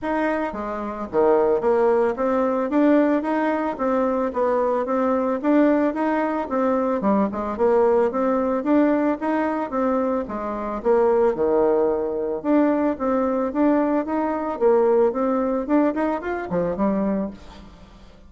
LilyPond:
\new Staff \with { instrumentName = "bassoon" } { \time 4/4 \tempo 4 = 111 dis'4 gis4 dis4 ais4 | c'4 d'4 dis'4 c'4 | b4 c'4 d'4 dis'4 | c'4 g8 gis8 ais4 c'4 |
d'4 dis'4 c'4 gis4 | ais4 dis2 d'4 | c'4 d'4 dis'4 ais4 | c'4 d'8 dis'8 f'8 f8 g4 | }